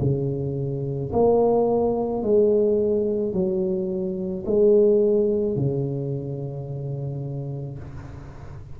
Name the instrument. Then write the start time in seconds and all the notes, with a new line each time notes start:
tuba
0.00 C#3
1.12 A#3
2.22 G#3
3.33 F#3
4.46 G#3
5.56 C#3